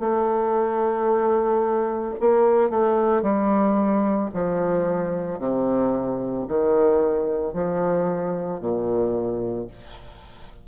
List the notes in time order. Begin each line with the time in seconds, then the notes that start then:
0.00 A3
2.21 A#3
2.70 A3
3.22 G3
4.34 F3
5.39 C3
6.48 D#3
7.53 F3
8.61 A#2